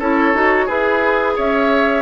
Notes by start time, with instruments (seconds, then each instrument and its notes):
0.00 bassoon C#4, clarinet E4, oboe A4, flute C#5
0.34 bassoon D#4, clarinet F#4
0.66 bassoon E4, oboe G#4, clarinet G#4, flute B4
1.36 bassoon C#4, oboe C#5, flute E5